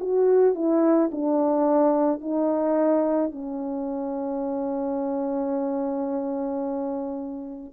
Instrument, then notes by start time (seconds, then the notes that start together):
horn
0.00 F#4
0.55 E4
1.12 D4
2.21 D#4
3.32 C#4